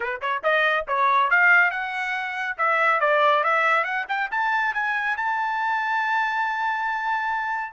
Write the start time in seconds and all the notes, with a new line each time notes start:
0.00 B4
0.21 C#5
0.43 D#5
0.87 C#5
1.30 F5
1.70 F#5
2.57 E5
3.00 D5
3.43 E5
3.84 F#5
4.08 G5
4.31 A5
4.74 G#5
5.16 A5